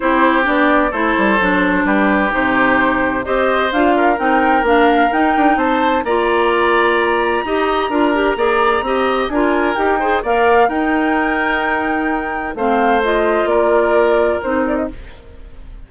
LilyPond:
<<
  \new Staff \with { instrumentName = "flute" } { \time 4/4 \tempo 4 = 129 c''4 d''4 c''2 | b'4 c''2 dis''4 | f''4 g''4 f''4 g''4 | a''4 ais''2.~ |
ais''1 | gis''4 g''4 f''4 g''4~ | g''2. f''4 | dis''4 d''2 c''8 d''16 dis''16 | }
  \new Staff \with { instrumentName = "oboe" } { \time 4/4 g'2 a'2 | g'2. c''4~ | c''8 ais'2.~ ais'8 | c''4 d''2. |
dis''4 ais'4 d''4 dis''4 | ais'4. c''8 d''4 ais'4~ | ais'2. c''4~ | c''4 ais'2. | }
  \new Staff \with { instrumentName = "clarinet" } { \time 4/4 e'4 d'4 e'4 d'4~ | d'4 dis'2 g'4 | f'4 dis'4 d'4 dis'4~ | dis'4 f'2. |
g'4 f'8 g'8 gis'4 g'4 | f'4 g'8 gis'8 ais'4 dis'4~ | dis'2. c'4 | f'2. dis'4 | }
  \new Staff \with { instrumentName = "bassoon" } { \time 4/4 c'4 b4 a8 g8 fis4 | g4 c2 c'4 | d'4 c'4 ais4 dis'8 d'8 | c'4 ais2. |
dis'4 d'4 ais4 c'4 | d'4 dis'4 ais4 dis'4~ | dis'2. a4~ | a4 ais2 c'4 | }
>>